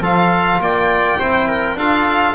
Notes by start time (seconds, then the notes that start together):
0.00 F3 F4 A4 F5
0.60 A#3 D5 G5
1.19 C4 E4 C5
1.47 A#4
1.75 D4 F4 A4 F5